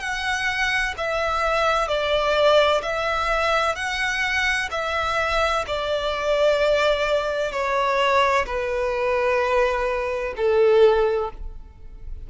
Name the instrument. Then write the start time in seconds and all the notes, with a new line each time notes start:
violin
0.00 F#5
0.97 E5
1.87 D5
2.82 E5
3.75 F#5
4.71 E5
5.67 D5
7.51 C#5
8.46 B4
10.36 A4